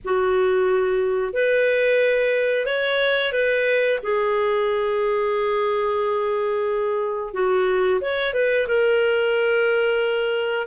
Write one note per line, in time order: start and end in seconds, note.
0.04 1.33 F#4
1.33 2.65 B4
2.65 3.32 C#5
3.32 3.98 B4
4.02 7.33 G#4
7.33 8.00 F#4
8.00 8.33 C#5
8.33 8.67 B4
8.67 10.67 A#4